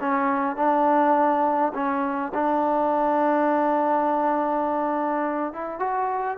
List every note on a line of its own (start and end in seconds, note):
0.00 0.56 C#4
0.56 1.72 D4
1.74 2.32 C#4
2.34 5.53 D4
5.53 5.79 E4
5.79 6.37 F#4